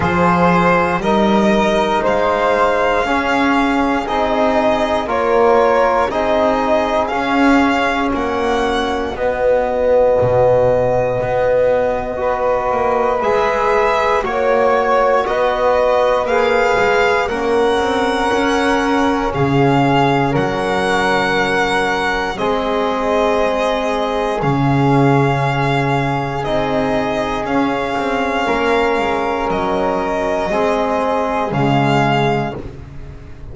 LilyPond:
<<
  \new Staff \with { instrumentName = "violin" } { \time 4/4 \tempo 4 = 59 c''4 dis''4 f''2 | dis''4 cis''4 dis''4 f''4 | fis''4 dis''2.~ | dis''4 e''4 cis''4 dis''4 |
f''4 fis''2 f''4 | fis''2 dis''2 | f''2 dis''4 f''4~ | f''4 dis''2 f''4 | }
  \new Staff \with { instrumentName = "flute" } { \time 4/4 gis'4 ais'4 c''4 gis'4~ | gis'4 ais'4 gis'2 | fis'1 | b'2 cis''4 b'4~ |
b'4 ais'2 gis'4 | ais'2 gis'2~ | gis'1 | ais'2 gis'2 | }
  \new Staff \with { instrumentName = "trombone" } { \time 4/4 f'4 dis'2 cis'4 | dis'4 f'4 dis'4 cis'4~ | cis'4 b2. | fis'4 gis'4 fis'2 |
gis'4 cis'2.~ | cis'2 c'2 | cis'2 dis'4 cis'4~ | cis'2 c'4 gis4 | }
  \new Staff \with { instrumentName = "double bass" } { \time 4/4 f4 g4 gis4 cis'4 | c'4 ais4 c'4 cis'4 | ais4 b4 b,4 b4~ | b8 ais8 gis4 ais4 b4 |
ais8 gis8 ais8 c'8 cis'4 cis4 | fis2 gis2 | cis2 c'4 cis'8 c'8 | ais8 gis8 fis4 gis4 cis4 | }
>>